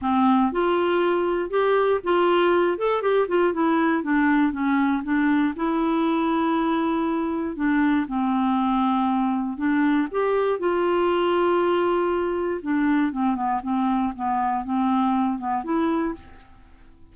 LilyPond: \new Staff \with { instrumentName = "clarinet" } { \time 4/4 \tempo 4 = 119 c'4 f'2 g'4 | f'4. a'8 g'8 f'8 e'4 | d'4 cis'4 d'4 e'4~ | e'2. d'4 |
c'2. d'4 | g'4 f'2.~ | f'4 d'4 c'8 b8 c'4 | b4 c'4. b8 e'4 | }